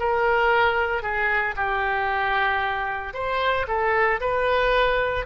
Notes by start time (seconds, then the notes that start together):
0.00 A#4
1.02 G#4
1.56 G4
3.14 C5
3.67 A4
4.21 B4